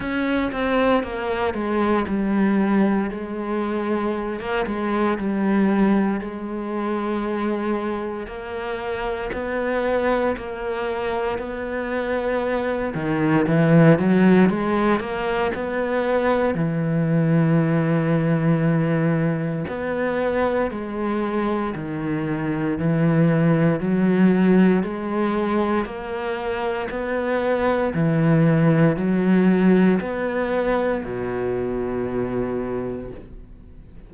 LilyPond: \new Staff \with { instrumentName = "cello" } { \time 4/4 \tempo 4 = 58 cis'8 c'8 ais8 gis8 g4 gis4~ | gis16 ais16 gis8 g4 gis2 | ais4 b4 ais4 b4~ | b8 dis8 e8 fis8 gis8 ais8 b4 |
e2. b4 | gis4 dis4 e4 fis4 | gis4 ais4 b4 e4 | fis4 b4 b,2 | }